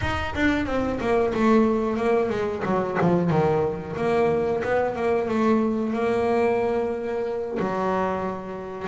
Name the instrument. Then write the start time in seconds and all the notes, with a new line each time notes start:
double bass
0.01 D#4
0.35 D4
0.66 C4
1.00 A#3
1.34 A3
1.96 A#3
2.29 G#3
2.65 F#3
3.00 F3
3.30 D#3
3.96 A#3
4.63 B3
4.95 A#3
5.28 A3
5.93 A#3
7.59 F#3